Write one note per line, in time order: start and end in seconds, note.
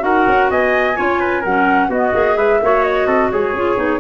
0.00 0.26 D#4
0.00 0.94 F#4
0.00 0.50 A#4
0.00 0.50 F#5
0.27 0.50 C#4
0.50 0.98 B3
0.50 0.97 D#5
0.50 1.44 G#5
0.96 1.45 C#4
0.96 1.43 F4
0.96 1.20 C#5
1.20 1.41 B4
1.41 1.89 F#3
1.41 1.91 C#4
1.41 1.88 A#4
1.41 1.91 F#5
1.89 2.12 B3
1.89 2.13 B3
1.89 2.37 F#4
1.89 2.37 D#5
2.13 2.36 A#3
2.13 2.60 G#4
2.36 2.59 G#3
2.36 2.60 B4
2.36 2.84 E5
2.62 3.06 A#3
2.62 3.56 F#4
2.62 3.07 C#5
2.84 3.31 D#5
3.06 3.30 C4
3.06 3.30 A4
3.32 3.53 G#3
3.32 4.00 G#4
3.32 4.00 C#5
3.53 3.76 C#4
3.53 3.76 F4
3.76 4.00 B3
3.76 3.99 D#4